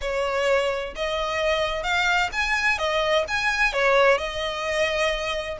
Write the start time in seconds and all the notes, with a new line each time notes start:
0.01 C#5
0.95 D#5
1.83 F5
2.32 G#5
2.78 D#5
3.28 G#5
3.72 C#5
4.18 D#5